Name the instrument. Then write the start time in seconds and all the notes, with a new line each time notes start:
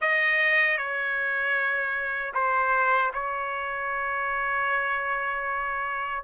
trumpet
0.01 D#5
0.77 C#5
2.34 C5
3.13 C#5